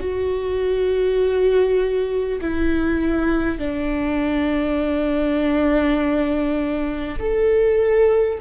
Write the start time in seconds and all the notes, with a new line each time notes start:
0.00 F#4
2.41 E4
3.59 D4
7.19 A4